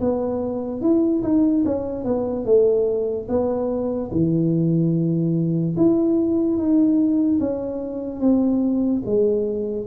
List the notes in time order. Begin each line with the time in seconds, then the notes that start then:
0.00 B3
0.81 E4
1.23 D#4
1.65 C#4
2.04 B3
2.45 A3
3.28 B3
4.11 E3
5.77 E4
6.57 D#4
7.40 C#4
8.20 C4
9.06 G#3